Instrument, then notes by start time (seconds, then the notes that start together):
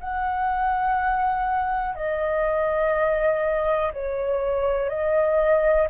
flute
0.00 F#5
1.95 D#5
3.93 C#5
4.89 D#5